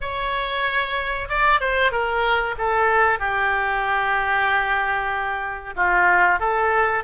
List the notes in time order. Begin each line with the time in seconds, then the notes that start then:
0.01 C#5
1.29 D5
1.60 C5
1.91 A#4
2.58 A4
3.19 G4
5.76 F4
6.39 A4